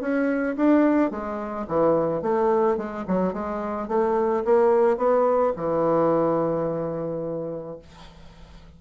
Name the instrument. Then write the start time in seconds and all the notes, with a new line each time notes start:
bassoon
0.00 C#4
0.56 D4
1.10 G#3
1.67 E3
2.21 A3
2.77 G#3
3.07 F#3
3.33 G#3
3.87 A3
4.44 A#3
4.97 B3
5.56 E3